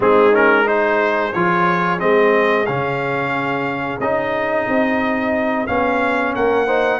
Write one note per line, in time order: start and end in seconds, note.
0.00 1.32 G#3
0.00 0.32 C4
0.00 0.65 D#4
0.00 0.34 G#4
0.32 0.65 C#4
0.32 0.67 A#4
0.65 1.32 D#4
0.65 6.31 G#4
0.65 1.32 C5
1.32 2.01 F3
1.32 1.99 F4
1.32 1.99 C#5
1.99 2.68 G#3
1.99 2.65 C4
1.99 2.65 D#5
2.65 3.99 C#3
2.65 4.00 C#4
2.65 3.99 F5
3.99 4.66 C#4
3.99 5.67 D#4
3.99 5.66 D#5
4.68 5.68 C4
5.66 6.35 B3
5.66 6.67 C#4
5.66 6.33 F5
6.34 6.99 A#3
6.34 6.66 A#4
6.34 6.99 F#5
6.66 6.99 D#4
6.66 6.99 C5